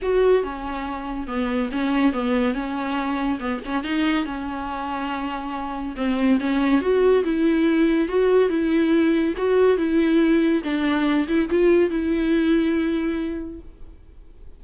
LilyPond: \new Staff \with { instrumentName = "viola" } { \time 4/4 \tempo 4 = 141 fis'4 cis'2 b4 | cis'4 b4 cis'2 | b8 cis'8 dis'4 cis'2~ | cis'2 c'4 cis'4 |
fis'4 e'2 fis'4 | e'2 fis'4 e'4~ | e'4 d'4. e'8 f'4 | e'1 | }